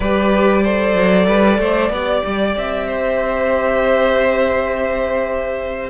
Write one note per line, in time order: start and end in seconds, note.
0.00 0.95 G3
0.00 0.64 G4
0.00 0.62 B4
0.00 2.55 D5
0.62 1.92 A4
0.62 1.26 C5
0.95 1.26 F#3
1.26 1.58 G3
1.26 1.59 B4
1.58 1.89 A3
1.58 1.91 C5
1.89 2.21 B3
1.89 5.89 G4
1.89 2.87 D5
2.25 2.56 G3
2.56 5.89 C4
2.56 5.89 E5
2.87 5.89 C5